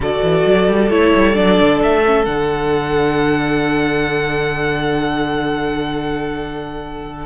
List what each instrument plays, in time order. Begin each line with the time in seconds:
0.00 cello D3, viola F#4, violin A4 D5
0.22 cello E3
0.46 cello F#3
0.67 cello G3
0.89 cello A3, viola E4, violin C#5
1.15 cello G3
1.34 cello F#3, viola D4, violin D5
1.60 cello D3
1.82 cello A3, violin E5
2.05 viola C#4
2.25 cello D3, viola D4, violin F#5